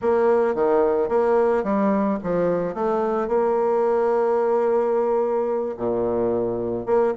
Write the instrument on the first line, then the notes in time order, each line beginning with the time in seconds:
bassoon
0.02 A#3
0.55 D#3
1.09 A#3
1.63 G3
2.23 F3
2.74 A3
3.28 A#3
5.76 A#2
6.86 A#3